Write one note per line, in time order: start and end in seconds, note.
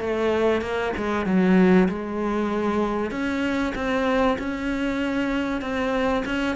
0.00 0.61 A3
0.61 0.93 A#3
0.97 1.26 G#3
1.26 1.88 F#3
1.89 3.11 G#3
3.11 3.74 C#4
3.75 4.38 C4
4.39 5.62 C#4
5.62 6.24 C4
6.26 6.56 C#4